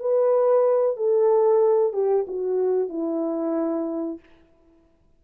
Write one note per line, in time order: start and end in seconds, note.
0.00 0.96 B4
0.96 1.93 A4
1.93 2.26 G4
2.28 2.89 F#4
2.89 4.19 E4